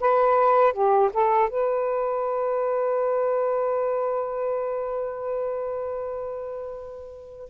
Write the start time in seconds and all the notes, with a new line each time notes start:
0.00 B4
0.73 G4
1.14 A4
1.49 B4